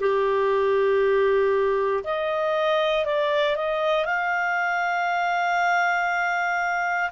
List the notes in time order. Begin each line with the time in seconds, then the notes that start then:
0.00 G4
2.03 D#5
3.05 D5
3.56 D#5
4.05 F5